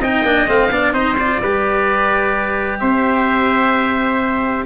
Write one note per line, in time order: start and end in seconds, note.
0.00 0.22 C4
0.00 0.25 D#4
0.00 0.70 D#5
0.00 0.49 G5
0.22 0.46 A#3
0.22 0.47 D4
0.47 0.70 A3
0.47 0.70 C4
0.47 0.93 F5
0.70 0.93 B3
0.70 0.93 D4
0.70 0.94 D5
0.93 1.39 C4
0.93 1.16 D#4
0.93 1.40 C5
0.93 1.16 D#5
1.18 1.42 F4
1.18 2.79 D5
1.42 2.81 G3
1.42 4.66 G4
1.42 2.80 B4
2.79 4.66 C4
2.79 4.66 C5
2.79 4.65 E5